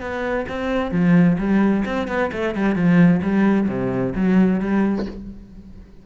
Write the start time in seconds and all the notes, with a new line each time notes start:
0.00 B3
0.48 C4
0.91 F3
1.38 G3
1.85 C4
2.08 B3
2.32 A3
2.55 G3
2.75 F3
3.22 G3
3.68 C3
4.15 F#3
4.60 G3